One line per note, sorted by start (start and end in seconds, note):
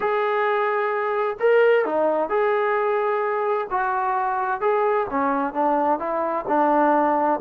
0.00 1.36 G#4
1.39 1.85 A#4
1.85 2.29 D#4
2.29 3.67 G#4
3.70 4.60 F#4
4.60 5.06 G#4
5.10 5.53 C#4
5.53 5.99 D4
5.99 6.45 E4
6.47 7.40 D4